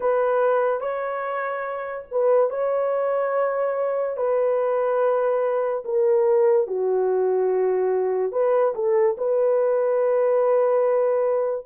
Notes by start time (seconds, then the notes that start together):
0.00 B4
0.80 C#5
2.11 B4
2.50 C#5
4.17 B4
5.84 A#4
6.67 F#4
8.32 B4
8.74 A4
9.17 B4